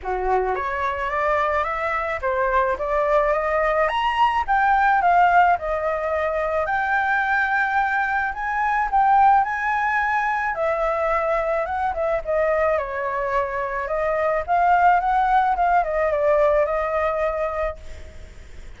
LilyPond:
\new Staff \with { instrumentName = "flute" } { \time 4/4 \tempo 4 = 108 fis'4 cis''4 d''4 e''4 | c''4 d''4 dis''4 ais''4 | g''4 f''4 dis''2 | g''2. gis''4 |
g''4 gis''2 e''4~ | e''4 fis''8 e''8 dis''4 cis''4~ | cis''4 dis''4 f''4 fis''4 | f''8 dis''8 d''4 dis''2 | }